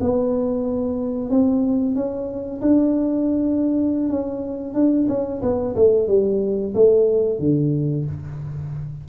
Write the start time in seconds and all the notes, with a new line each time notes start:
0.00 B3
1.30 C4
1.95 C#4
2.61 D4
4.10 C#4
4.74 D4
5.08 C#4
5.42 B3
5.76 A3
6.07 G3
6.74 A3
7.39 D3